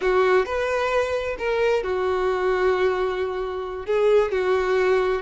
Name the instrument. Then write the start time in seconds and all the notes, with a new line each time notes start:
violin
0.01 F#4
0.45 B4
1.38 A#4
1.83 F#4
3.86 G#4
4.31 F#4